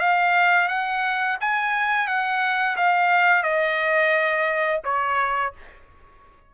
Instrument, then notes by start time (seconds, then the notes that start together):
trumpet
0.00 F5
0.68 F#5
1.40 G#5
2.08 F#5
2.76 F5
3.43 D#5
4.84 C#5